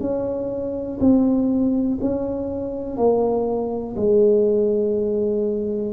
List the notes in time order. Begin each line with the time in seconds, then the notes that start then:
0.00 C#4
1.00 C4
2.01 C#4
2.97 A#3
3.96 G#3